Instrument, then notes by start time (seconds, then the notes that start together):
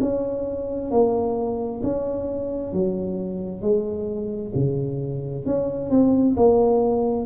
tuba
0.00 C#4
0.91 A#3
1.83 C#4
2.73 F#3
3.62 G#3
4.55 C#3
5.45 C#4
5.90 C4
6.36 A#3